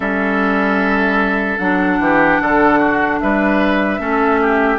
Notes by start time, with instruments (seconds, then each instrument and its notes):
0.00 bassoon G3, clarinet C#4, oboe A4, flute E5
1.58 bassoon F#3, clarinet D4, flute F#5
1.99 bassoon E3, oboe G4
2.40 bassoon D3, oboe A4
2.79 oboe F#4
3.20 bassoon G3, oboe B4, flute E5
3.98 bassoon A3, clarinet C#4, oboe A4
4.41 oboe G4